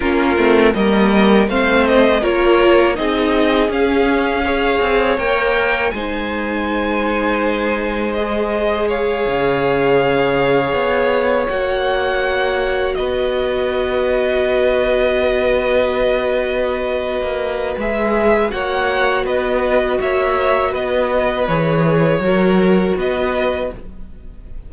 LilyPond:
<<
  \new Staff \with { instrumentName = "violin" } { \time 4/4 \tempo 4 = 81 ais'4 dis''4 f''8 dis''8 cis''4 | dis''4 f''2 g''4 | gis''2. dis''4 | f''2.~ f''8 fis''8~ |
fis''4. dis''2~ dis''8~ | dis''1 | e''4 fis''4 dis''4 e''4 | dis''4 cis''2 dis''4 | }
  \new Staff \with { instrumentName = "violin" } { \time 4/4 f'4 ais'4 c''4 ais'4 | gis'2 cis''2 | c''1 | cis''1~ |
cis''4. b'2~ b'8~ | b'1~ | b'4 cis''4 b'4 cis''4 | b'2 ais'4 b'4 | }
  \new Staff \with { instrumentName = "viola" } { \time 4/4 cis'8 c'8 ais4 c'4 f'4 | dis'4 cis'4 gis'4 ais'4 | dis'2. gis'4~ | gis'2.~ gis'8 fis'8~ |
fis'1~ | fis'1 | gis'4 fis'2.~ | fis'4 gis'4 fis'2 | }
  \new Staff \with { instrumentName = "cello" } { \time 4/4 ais8 a8 g4 a4 ais4 | c'4 cis'4. c'8 ais4 | gis1~ | gis8 cis2 b4 ais8~ |
ais4. b2~ b8~ | b2.~ b16 ais8. | gis4 ais4 b4 ais4 | b4 e4 fis4 b4 | }
>>